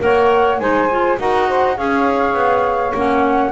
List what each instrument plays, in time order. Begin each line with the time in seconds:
0.00 double bass A#3, clarinet A#4, saxophone C#5, flute F#5
0.60 double bass G#3, clarinet D#4, saxophone C5, flute G#5
0.91 clarinet F4
1.19 double bass D#4, clarinet F#4, saxophone A#4, flute F#5
1.48 saxophone C5
1.76 double bass C#4, clarinet G#4, saxophone C#5, flute F5
2.34 double bass B3
2.94 double bass A#3, clarinet C#4, flute F#5